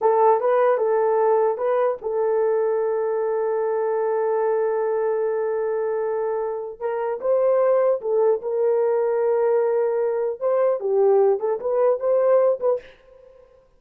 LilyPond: \new Staff \with { instrumentName = "horn" } { \time 4/4 \tempo 4 = 150 a'4 b'4 a'2 | b'4 a'2.~ | a'1~ | a'1~ |
a'4 ais'4 c''2 | a'4 ais'2.~ | ais'2 c''4 g'4~ | g'8 a'8 b'4 c''4. b'8 | }